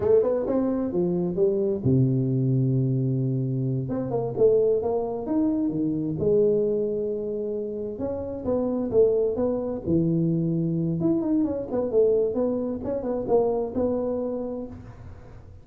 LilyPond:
\new Staff \with { instrumentName = "tuba" } { \time 4/4 \tempo 4 = 131 a8 b8 c'4 f4 g4 | c1~ | c8 c'8 ais8 a4 ais4 dis'8~ | dis'8 dis4 gis2~ gis8~ |
gis4. cis'4 b4 a8~ | a8 b4 e2~ e8 | e'8 dis'8 cis'8 b8 a4 b4 | cis'8 b8 ais4 b2 | }